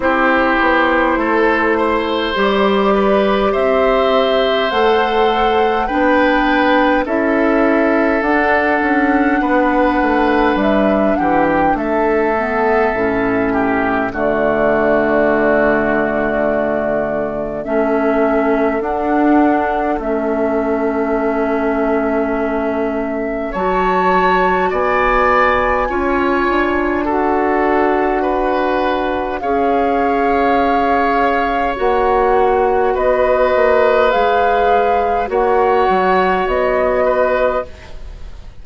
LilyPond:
<<
  \new Staff \with { instrumentName = "flute" } { \time 4/4 \tempo 4 = 51 c''2 d''4 e''4 | fis''4 g''4 e''4 fis''4~ | fis''4 e''8 fis''16 g''16 e''2 | d''2. e''4 |
fis''4 e''2. | a''4 gis''2 fis''4~ | fis''4 f''2 fis''4 | dis''4 f''4 fis''4 dis''4 | }
  \new Staff \with { instrumentName = "oboe" } { \time 4/4 g'4 a'8 c''4 b'8 c''4~ | c''4 b'4 a'2 | b'4. g'8 a'4. g'8 | fis'2. a'4~ |
a'1 | cis''4 d''4 cis''4 a'4 | b'4 cis''2. | b'2 cis''4. b'8 | }
  \new Staff \with { instrumentName = "clarinet" } { \time 4/4 e'2 g'2 | a'4 d'4 e'4 d'4~ | d'2~ d'8 b8 cis'4 | a2. cis'4 |
d'4 cis'2. | fis'2 f'4 fis'4~ | fis'4 gis'2 fis'4~ | fis'4 gis'4 fis'2 | }
  \new Staff \with { instrumentName = "bassoon" } { \time 4/4 c'8 b8 a4 g4 c'4 | a4 b4 cis'4 d'8 cis'8 | b8 a8 g8 e8 a4 a,4 | d2. a4 |
d'4 a2. | fis4 b4 cis'8 d'4.~ | d'4 cis'2 ais4 | b8 ais8 gis4 ais8 fis8 b4 | }
>>